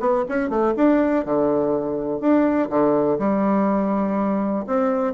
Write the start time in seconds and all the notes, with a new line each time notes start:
0.00 B3
0.29 C#4
0.50 A3
0.77 D4
1.25 D3
2.21 D4
2.70 D3
3.19 G3
4.67 C4